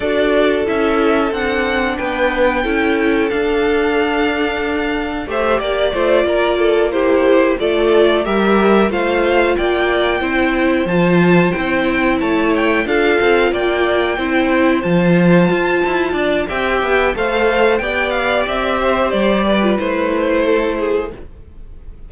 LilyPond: <<
  \new Staff \with { instrumentName = "violin" } { \time 4/4 \tempo 4 = 91 d''4 e''4 fis''4 g''4~ | g''4 f''2. | e''8 d''2 c''4 d''8~ | d''8 e''4 f''4 g''4.~ |
g''8 a''4 g''4 a''8 g''8 f''8~ | f''8 g''2 a''4.~ | a''4 g''4 f''4 g''8 f''8 | e''4 d''4 c''2 | }
  \new Staff \with { instrumentName = "violin" } { \time 4/4 a'2. b'4 | a'1 | c''8 d''8 c''8 ais'8 a'8 g'4 a'8~ | a'8 ais'4 c''4 d''4 c''8~ |
c''2~ c''8 cis''4 a'8~ | a'8 d''4 c''2~ c''8~ | c''8 d''8 e''4 c''4 d''4~ | d''8 c''4 b'4. a'8 gis'8 | }
  \new Staff \with { instrumentName = "viola" } { \time 4/4 fis'4 e'4 d'2 | e'4 d'2. | g'4 f'4. e'4 f'8~ | f'8 g'4 f'2 e'8~ |
e'8 f'4 e'2 f'8~ | f'4. e'4 f'4.~ | f'4 g'4 a'4 g'4~ | g'4.~ g'16 f'16 e'2 | }
  \new Staff \with { instrumentName = "cello" } { \time 4/4 d'4 cis'4 c'4 b4 | cis'4 d'2. | a8 ais8 a8 ais2 a8~ | a8 g4 a4 ais4 c'8~ |
c'8 f4 c'4 a4 d'8 | c'8 ais4 c'4 f4 f'8 | e'8 d'8 c'8 b8 a4 b4 | c'4 g4 a2 | }
>>